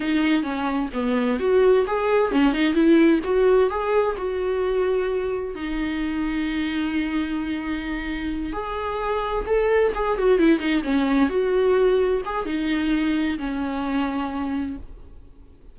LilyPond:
\new Staff \with { instrumentName = "viola" } { \time 4/4 \tempo 4 = 130 dis'4 cis'4 b4 fis'4 | gis'4 cis'8 dis'8 e'4 fis'4 | gis'4 fis'2. | dis'1~ |
dis'2~ dis'8 gis'4.~ | gis'8 a'4 gis'8 fis'8 e'8 dis'8 cis'8~ | cis'8 fis'2 gis'8 dis'4~ | dis'4 cis'2. | }